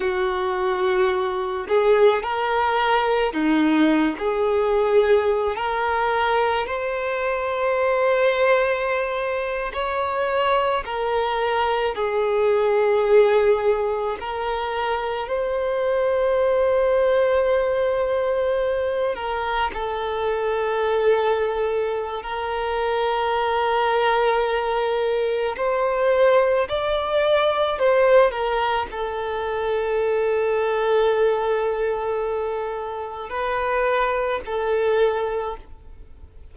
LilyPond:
\new Staff \with { instrumentName = "violin" } { \time 4/4 \tempo 4 = 54 fis'4. gis'8 ais'4 dis'8. gis'16~ | gis'4 ais'4 c''2~ | c''8. cis''4 ais'4 gis'4~ gis'16~ | gis'8. ais'4 c''2~ c''16~ |
c''4~ c''16 ais'8 a'2~ a'16 | ais'2. c''4 | d''4 c''8 ais'8 a'2~ | a'2 b'4 a'4 | }